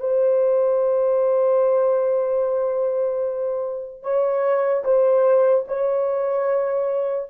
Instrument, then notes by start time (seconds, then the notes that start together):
horn
0.00 C5
4.03 C#5
4.84 C5
5.68 C#5